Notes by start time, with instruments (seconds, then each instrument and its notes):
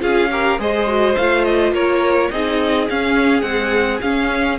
0.00 cello C#4, viola F4, violin G#4 F5
0.31 viola G4, violin A#4
0.59 cello G#3, viola G#4, violin C5 D#5
0.87 viola F#4
1.16 cello A3, viola F4, violin F5
1.44 violin D#5
1.72 cello A#3, violin A#4 C#5
2.31 cello C4, viola D#4, violin G#4 D#5
2.90 cello C#4, viola C#4, violin F5
3.41 viola G#3, cello C4, violin F#5
4.01 cello C#4, viola C#4, violin F5